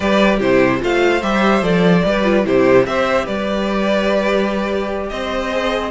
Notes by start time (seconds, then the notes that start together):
0.00 G3 G4 B4 D5
0.37 C3 E4 G4 C5
0.80 A3 F4 C5 F5
1.22 G3 G4 E5
1.62 F3 A4 D5
2.04 G3 G4 B4
2.23 F4
2.43 C3 E4 G4 C5
2.86 C4 G4 C5 E5
3.25 G3 B4 D5
5.09 C4 C5 D#5
5.51 G#4